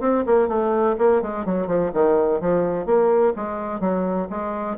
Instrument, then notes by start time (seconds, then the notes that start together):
bassoon
0.00 C4
0.26 A#3
0.48 A3
0.98 A#3
1.21 G#3
1.45 F#3
1.67 F3
1.93 D#3
2.41 F3
2.85 A#3
3.36 G#3
3.80 F#3
4.29 G#3